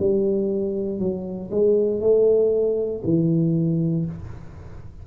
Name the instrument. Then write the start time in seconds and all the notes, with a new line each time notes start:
tuba
0.00 G3
1.00 F#3
1.51 G#3
2.01 A3
3.04 E3